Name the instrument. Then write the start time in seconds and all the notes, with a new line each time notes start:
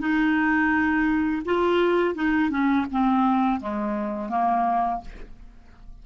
clarinet
0.00 D#4
1.45 F4
2.15 D#4
2.51 C#4
2.92 C4
3.61 G#3
4.30 A#3